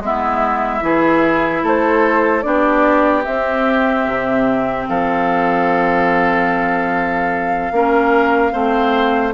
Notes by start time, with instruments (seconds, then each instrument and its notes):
0.00 bassoon G#3, clarinet B3, oboe E4, flute E5
0.81 bassoon E3, clarinet E4, oboe G#4
1.63 bassoon A3, oboe A4, flute C5
2.42 bassoon B3, clarinet D4, oboe G4, flute D5
3.24 clarinet C4, bassoon C4, flute E5
4.07 bassoon C3
4.89 bassoon F3, oboe A4, flute F5
7.72 bassoon A#3, clarinet C#4, oboe A#4
8.52 bassoon A3, clarinet C4, oboe C5